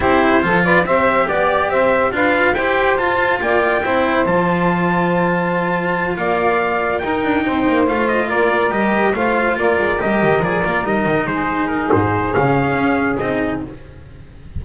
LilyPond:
<<
  \new Staff \with { instrumentName = "trumpet" } { \time 4/4 \tempo 4 = 141 c''4. d''8 e''4 d''4 | e''4 f''4 g''4 a''4 | g''2 a''2~ | a''2~ a''8 f''4.~ |
f''8 g''2 f''8 dis''8 d''8~ | d''8 dis''4 f''4 d''4 dis''8~ | dis''8 d''4 dis''4 c''4 ais'8 | c''4 f''2 dis''4 | }
  \new Staff \with { instrumentName = "saxophone" } { \time 4/4 g'4 a'8 b'8 c''4 d''4 | c''4 b'4 c''2 | d''4 c''2.~ | c''2~ c''8 d''4.~ |
d''8 ais'4 c''2 ais'8~ | ais'4. c''4 ais'4.~ | ais'2~ ais'8 gis'4.~ | gis'1 | }
  \new Staff \with { instrumentName = "cello" } { \time 4/4 e'4 f'4 g'2~ | g'4 f'4 g'4 f'4~ | f'4 e'4 f'2~ | f'1~ |
f'8 dis'2 f'4.~ | f'8 g'4 f'2 g'8~ | g'8 gis'8 f'8 dis'2~ dis'8~ | dis'4 cis'2 dis'4 | }
  \new Staff \with { instrumentName = "double bass" } { \time 4/4 c'4 f4 c'4 b4 | c'4 d'4 e'4 f'4 | ais4 c'4 f2~ | f2~ f8 ais4.~ |
ais8 dis'8 d'8 c'8 ais8 a4 ais8~ | ais8 g4 a4 ais8 gis8 g8 | dis8 f8 ais8 g8 dis8 gis4. | gis,4 cis4 cis'4 c'4 | }
>>